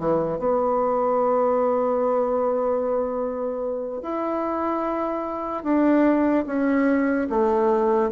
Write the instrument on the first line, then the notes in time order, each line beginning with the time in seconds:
bassoon
0.00 E3
0.39 B3
4.02 E4
5.64 D4
6.47 C#4
7.30 A3